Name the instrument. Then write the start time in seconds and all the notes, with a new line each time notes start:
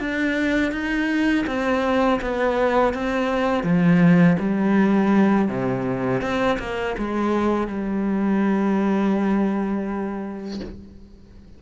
cello
0.00 D4
0.72 D#4
1.47 C4
2.22 B3
2.94 C4
3.64 F3
4.39 G3
5.49 C3
6.21 C4
6.59 A#3
6.98 G#3
7.68 G3